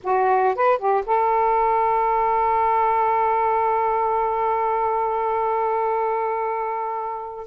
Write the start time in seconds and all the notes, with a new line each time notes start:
0.03 F#4
0.55 B4
0.78 G4
1.06 A4